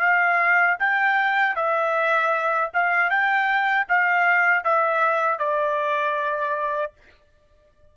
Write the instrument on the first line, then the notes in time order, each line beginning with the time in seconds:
trumpet
0.00 F5
0.79 G5
1.55 E5
2.73 F5
3.10 G5
3.88 F5
4.64 E5
5.38 D5